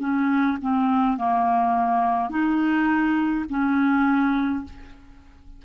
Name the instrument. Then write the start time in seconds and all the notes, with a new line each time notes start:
clarinet
0.00 C#4
0.62 C4
1.17 A#3
2.30 D#4
3.49 C#4